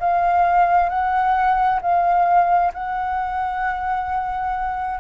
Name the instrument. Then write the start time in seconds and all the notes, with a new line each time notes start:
flute
0.00 F5
0.89 F#5
1.82 F5
2.74 F#5